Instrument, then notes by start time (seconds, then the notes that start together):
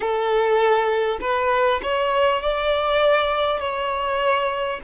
violin
0.00 A4
1.20 B4
1.82 C#5
2.42 D5
3.59 C#5